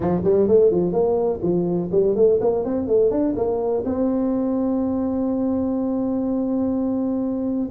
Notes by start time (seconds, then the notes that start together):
0.00 F3
0.24 G3
0.48 A3
0.71 F3
0.92 A#3
1.42 F3
1.91 G3
2.15 A3
2.40 A#3
2.64 C4
2.87 A3
3.10 D4
3.36 A#3
3.85 C4